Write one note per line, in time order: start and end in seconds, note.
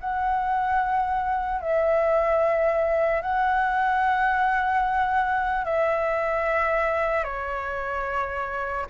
0.00 1.61 F#5
1.61 3.21 E5
3.21 5.65 F#5
5.65 7.23 E5
7.23 8.86 C#5